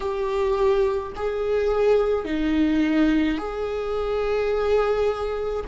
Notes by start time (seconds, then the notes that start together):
0.00 G4
1.15 G#4
2.24 D#4
3.38 G#4